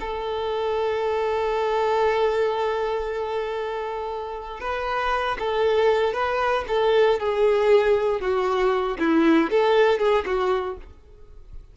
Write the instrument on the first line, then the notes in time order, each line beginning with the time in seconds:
violin
0.00 A4
4.60 B4
5.39 A4
6.14 B4
6.68 A4
7.20 G#4
8.21 F#4
8.99 E4
9.51 A4
9.99 G#4
10.26 F#4